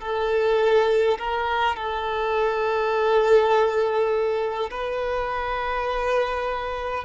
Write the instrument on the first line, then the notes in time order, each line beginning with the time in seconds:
violin
0.00 A4
1.18 A#4
1.76 A4
4.71 B4